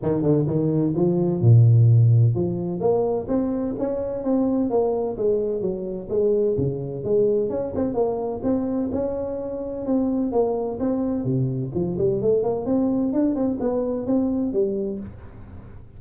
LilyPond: \new Staff \with { instrumentName = "tuba" } { \time 4/4 \tempo 4 = 128 dis8 d8 dis4 f4 ais,4~ | ais,4 f4 ais4 c'4 | cis'4 c'4 ais4 gis4 | fis4 gis4 cis4 gis4 |
cis'8 c'8 ais4 c'4 cis'4~ | cis'4 c'4 ais4 c'4 | c4 f8 g8 a8 ais8 c'4 | d'8 c'8 b4 c'4 g4 | }